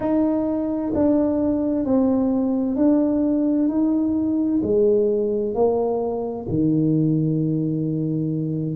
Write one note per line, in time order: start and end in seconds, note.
0.00 0.92 D#4
0.94 1.84 D4
1.84 2.76 C4
2.76 3.68 D4
3.68 4.60 D#4
4.62 5.54 G#3
5.54 6.46 A#3
6.49 8.75 D#3